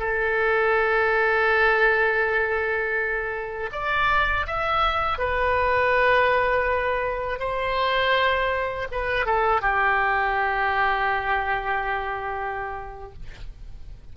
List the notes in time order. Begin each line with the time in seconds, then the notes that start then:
0.00 A4
3.72 D5
4.47 E5
5.19 B4
7.40 C5
8.92 B4
9.26 A4
9.62 G4